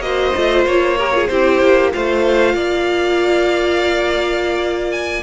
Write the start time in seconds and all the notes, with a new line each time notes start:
0.00 A#3 F#4 C5 D#5
0.36 A3 F4
0.66 A#3 C#5
0.98 G4 A#4
1.14 F4 G#4
1.28 C4 E4 G4 C5
1.62 A#3
1.92 A3 F4 C5 F5
2.55 A#3 D5
4.92 G#5